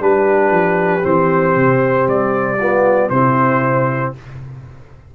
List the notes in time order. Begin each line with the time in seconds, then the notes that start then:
0.00 G3 D4 G4 B4
0.51 F3
1.02 E3 C4 C5
1.56 C3
2.07 G3 D5
2.59 B3 F4
3.10 C3 C4 E4 C5